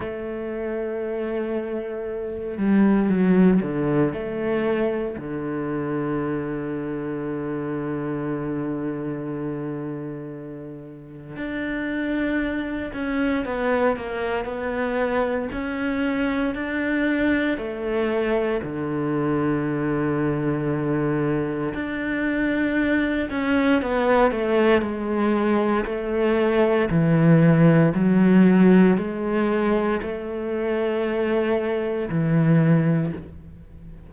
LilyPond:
\new Staff \with { instrumentName = "cello" } { \time 4/4 \tempo 4 = 58 a2~ a8 g8 fis8 d8 | a4 d2.~ | d2. d'4~ | d'8 cis'8 b8 ais8 b4 cis'4 |
d'4 a4 d2~ | d4 d'4. cis'8 b8 a8 | gis4 a4 e4 fis4 | gis4 a2 e4 | }